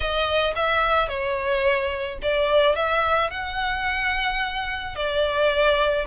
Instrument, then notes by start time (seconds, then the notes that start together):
violin
0.00 D#5
0.55 E5
1.08 C#5
2.22 D5
2.75 E5
3.30 F#5
4.95 D5